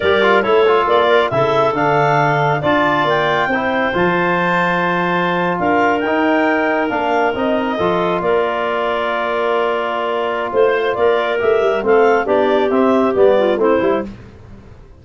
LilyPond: <<
  \new Staff \with { instrumentName = "clarinet" } { \time 4/4 \tempo 4 = 137 d''4 cis''4 d''4 e''4 | f''2 a''4 g''4~ | g''4 a''2.~ | a''8. f''4 g''2 f''16~ |
f''8. dis''2 d''4~ d''16~ | d''1 | c''4 d''4 e''4 f''4 | d''4 e''4 d''4 c''4 | }
  \new Staff \with { instrumentName = "clarinet" } { \time 4/4 ais'4 a'4. ais'8 a'4~ | a'2 d''2 | c''1~ | c''8. ais'2.~ ais'16~ |
ais'4.~ ais'16 a'4 ais'4~ ais'16~ | ais'1 | c''4 ais'2 a'4 | g'2~ g'8 f'8 e'4 | }
  \new Staff \with { instrumentName = "trombone" } { \time 4/4 g'8 f'8 e'8 f'4. e'4 | d'2 f'2 | e'4 f'2.~ | f'4.~ f'16 dis'2 d'16~ |
d'8. dis'4 f'2~ f'16~ | f'1~ | f'2 g'4 c'4 | d'4 c'4 b4 c'8 e'8 | }
  \new Staff \with { instrumentName = "tuba" } { \time 4/4 g4 a4 ais4 cis4 | d2 d'4 ais4 | c'4 f2.~ | f8. d'4 dis'2 ais16~ |
ais8. c'4 f4 ais4~ ais16~ | ais1 | a4 ais4 a8 g8 a4 | b4 c'4 g4 a8 g8 | }
>>